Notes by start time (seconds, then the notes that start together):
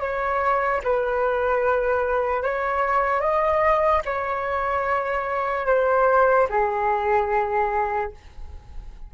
0.00 C#5
0.83 B4
2.43 C#5
3.21 D#5
4.05 C#5
5.66 C5
6.49 G#4